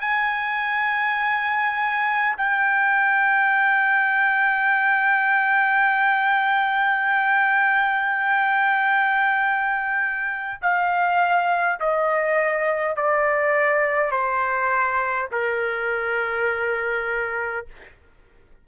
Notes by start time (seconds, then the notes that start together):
0.00 G#5
2.37 G5
10.61 F5
11.80 D#5
12.96 D5
14.11 C5
15.31 A#4